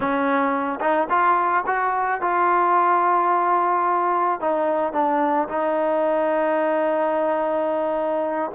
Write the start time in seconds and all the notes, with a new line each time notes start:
0.00 C#4
0.80 D#4
1.09 F4
1.66 F#4
2.21 F4
4.40 D#4
4.93 D4
5.48 D#4